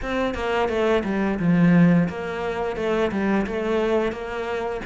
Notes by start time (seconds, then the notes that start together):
0.02 C4
0.34 A#3
0.68 A3
1.04 G3
1.39 F3
2.08 A#3
2.76 A3
3.11 G3
3.46 A3
4.12 A#3